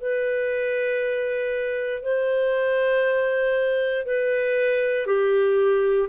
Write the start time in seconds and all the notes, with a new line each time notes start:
0.00 B4
2.02 C5
4.05 B4
5.06 G4